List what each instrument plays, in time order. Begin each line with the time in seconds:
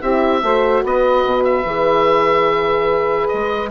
0.00 bassoon C4, horn E4, saxophone G4, oboe E5
0.42 bassoon A3, horn F#4, saxophone C5
0.83 bassoon B3, saxophone B4, oboe D#5
1.24 bassoon B2
1.44 oboe E5
1.65 bassoon E3, horn G#4
3.28 bassoon G#3, oboe D#5